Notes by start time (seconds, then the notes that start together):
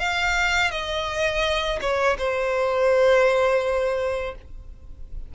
0.00 F5
0.72 D#5
1.81 C#5
2.19 C5